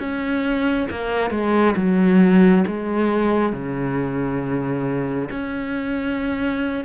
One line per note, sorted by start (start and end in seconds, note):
0.00 0.88 C#4
0.91 1.31 A#3
1.31 1.75 G#3
1.77 2.65 F#3
2.68 3.53 G#3
3.53 5.29 C#3
5.31 6.85 C#4